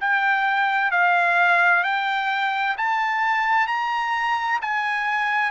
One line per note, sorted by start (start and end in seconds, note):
0.00 0.91 G5
0.91 1.83 F5
1.83 2.76 G5
2.77 3.67 A5
3.67 4.59 A#5
4.62 5.51 G#5